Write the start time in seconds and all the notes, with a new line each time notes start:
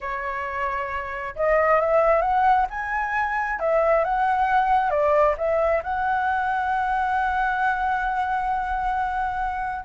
0.01 C#5
1.35 D#5
1.80 E5
2.21 F#5
2.70 G#5
3.59 E5
4.04 F#5
4.90 D5
5.37 E5
5.83 F#5